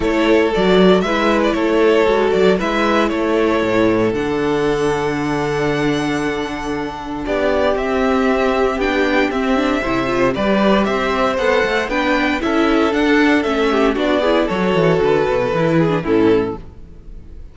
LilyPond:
<<
  \new Staff \with { instrumentName = "violin" } { \time 4/4 \tempo 4 = 116 cis''4 d''4 e''8. d''16 cis''4~ | cis''8 d''8 e''4 cis''2 | fis''1~ | fis''2 d''4 e''4~ |
e''4 g''4 e''2 | d''4 e''4 fis''4 g''4 | e''4 fis''4 e''4 d''4 | cis''4 b'2 a'4 | }
  \new Staff \with { instrumentName = "violin" } { \time 4/4 a'2 b'4 a'4~ | a'4 b'4 a'2~ | a'1~ | a'2 g'2~ |
g'2. c''4 | b'4 c''2 b'4 | a'2~ a'8 g'8 fis'8 gis'8 | a'2~ a'8 gis'8 e'4 | }
  \new Staff \with { instrumentName = "viola" } { \time 4/4 e'4 fis'4 e'2 | fis'4 e'2. | d'1~ | d'2. c'4~ |
c'4 d'4 c'8 d'8 e'8 f'8 | g'2 a'4 d'4 | e'4 d'4 cis'4 d'8 e'8 | fis'2 e'8. d'16 cis'4 | }
  \new Staff \with { instrumentName = "cello" } { \time 4/4 a4 fis4 gis4 a4 | gis8 fis8 gis4 a4 a,4 | d1~ | d2 b4 c'4~ |
c'4 b4 c'4 c4 | g4 c'4 b8 a8 b4 | cis'4 d'4 a4 b4 | fis8 e8 d8 b,8 e4 a,4 | }
>>